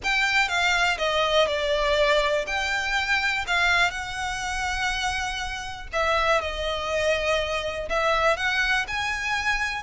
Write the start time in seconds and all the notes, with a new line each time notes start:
0.03 G5
0.48 F5
0.98 D#5
1.47 D5
2.46 G5
3.47 F5
3.91 F#5
5.92 E5
6.41 D#5
7.89 E5
8.37 F#5
8.87 G#5